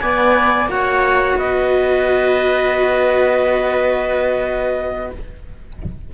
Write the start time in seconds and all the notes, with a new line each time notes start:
0.00 B3 D5 G#5
0.67 A#3 F#4 C#5 F#5
1.36 B3 B4 D#5